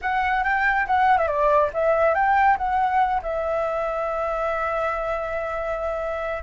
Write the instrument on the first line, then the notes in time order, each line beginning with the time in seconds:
flute
0.01 F#5
0.43 G5
0.86 F#5
1.18 E5
1.27 D5
1.73 E5
2.14 G5
2.57 F#5
3.22 E5